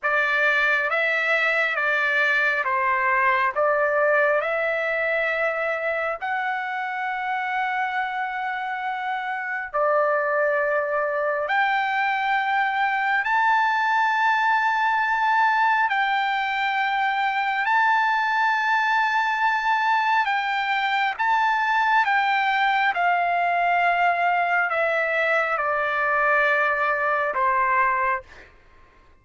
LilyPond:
\new Staff \with { instrumentName = "trumpet" } { \time 4/4 \tempo 4 = 68 d''4 e''4 d''4 c''4 | d''4 e''2 fis''4~ | fis''2. d''4~ | d''4 g''2 a''4~ |
a''2 g''2 | a''2. g''4 | a''4 g''4 f''2 | e''4 d''2 c''4 | }